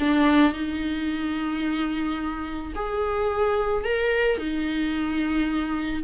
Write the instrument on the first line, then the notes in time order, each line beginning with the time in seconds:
viola
0.00 D4
0.53 D#4
2.76 G#4
3.85 A#4
4.38 D#4